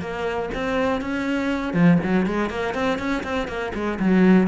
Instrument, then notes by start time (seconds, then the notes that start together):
cello
0.00 A#3
0.54 C4
1.01 C#4
1.73 F3
2.03 F#3
2.26 G#3
2.49 A#3
2.74 C4
2.98 C#4
3.23 C4
3.47 A#3
3.74 G#3
3.99 F#3